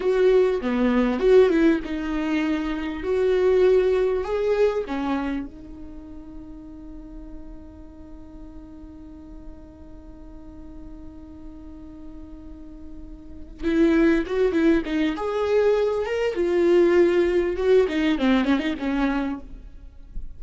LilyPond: \new Staff \with { instrumentName = "viola" } { \time 4/4 \tempo 4 = 99 fis'4 b4 fis'8 e'8 dis'4~ | dis'4 fis'2 gis'4 | cis'4 dis'2.~ | dis'1~ |
dis'1~ | dis'2~ dis'8 e'4 fis'8 | e'8 dis'8 gis'4. ais'8 f'4~ | f'4 fis'8 dis'8 c'8 cis'16 dis'16 cis'4 | }